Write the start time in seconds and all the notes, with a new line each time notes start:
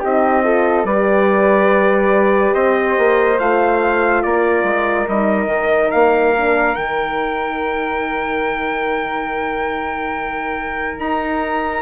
0.00 C4 D#4 G4 D#5
0.43 F4 A4
0.84 G3 G4 B4 D5
2.54 C4 C5 D#5
2.98 A#3
3.39 A3 F4 F5
4.23 A#3 A#4 D5
4.64 G#3
5.08 G3 D#4 D#5
5.46 D#3
5.91 A#3 F5
6.37 D4
6.75 D#3 D#4 G5
10.99 D#4 A#5